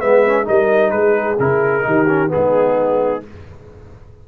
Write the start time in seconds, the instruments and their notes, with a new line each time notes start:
0.00 tuba G#3, trombone B3, horn B4, trumpet E5
0.26 trombone C#4
0.44 tuba G3, trombone D#4, horn A#4, trumpet D#5
0.91 tuba G#3, horn G#4, trumpet B4
1.39 tuba C#3, trombone E4, trumpet A#4
1.82 tuba D#3, trombone D#4, horn G4
2.08 trombone C#4
2.28 trombone B3, horn D#4, trumpet G#4
2.36 tuba G#3